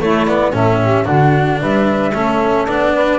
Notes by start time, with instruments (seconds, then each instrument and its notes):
0.00 double bass A3, cello A3, saxophone E4, flute C#5
0.26 cello B3, flute D5
0.52 double bass A2, cello C#4, saxophone A4, flute E5
0.81 saxophone G4
1.04 double bass D3, cello D4, saxophone F#4, flute F#5
1.60 double bass G3, saxophone B4, flute E5
2.12 double bass A3, cello C#4, saxophone A4
2.67 double bass B3, cello D4, flute D5
2.94 saxophone B4